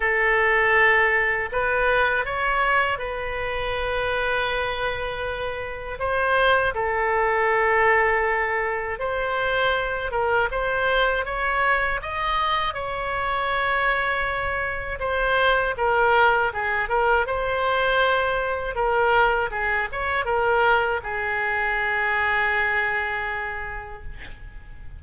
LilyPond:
\new Staff \with { instrumentName = "oboe" } { \time 4/4 \tempo 4 = 80 a'2 b'4 cis''4 | b'1 | c''4 a'2. | c''4. ais'8 c''4 cis''4 |
dis''4 cis''2. | c''4 ais'4 gis'8 ais'8 c''4~ | c''4 ais'4 gis'8 cis''8 ais'4 | gis'1 | }